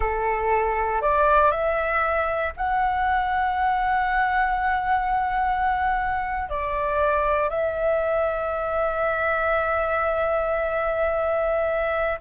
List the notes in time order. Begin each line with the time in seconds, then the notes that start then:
0.00 A4
1.01 D5
1.51 E5
2.56 F#5
6.49 D5
7.49 E5